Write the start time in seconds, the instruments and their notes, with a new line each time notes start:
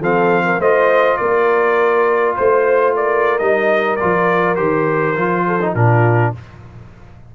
0.00 tuba F3, trombone C4, horn A4, trumpet F5
0.45 horn A#4
0.59 tuba A3, trombone F4, horn C5, trumpet D#5
1.18 tuba A#3, horn A#4, trumpet D5
2.36 tuba A3, trumpet C5, horn C5
2.97 horn A#4, trumpet D5
3.39 tuba G3, trombone D#4, trumpet D#5
3.97 trombone F4, trumpet D5
4.03 tuba F3
4.56 tuba D#3, trombone G4, trumpet C5
5.16 tuba F3, trombone F4
5.47 horn A4
5.62 trombone D#4
5.75 tuba A#2, trombone D4, horn F4, trumpet A#4